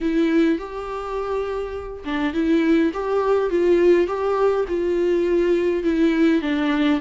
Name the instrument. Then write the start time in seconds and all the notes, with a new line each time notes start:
viola
0.00 E4
0.58 G4
2.04 D4
2.33 E4
2.93 G4
3.50 F4
4.07 G4
4.68 F4
5.83 E4
6.41 D4